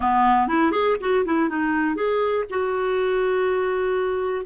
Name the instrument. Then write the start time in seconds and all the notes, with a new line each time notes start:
clarinet
0.00 B3
0.48 E4
0.71 G#4
1.00 F#4
1.25 E4
1.49 D#4
1.95 G#4
2.49 F#4